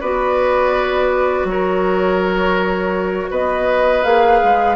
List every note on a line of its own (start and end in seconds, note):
0.00 1.44 B3
0.00 4.04 F#4
0.00 1.46 B4
0.00 1.47 D5
1.44 3.27 F#3
1.44 3.31 C#5
1.50 3.30 A#4
3.30 4.04 B3
3.30 4.76 B4
3.30 4.03 D#5
4.03 4.41 A#3
4.03 4.76 G#4
4.03 4.76 F5
4.43 4.76 G#3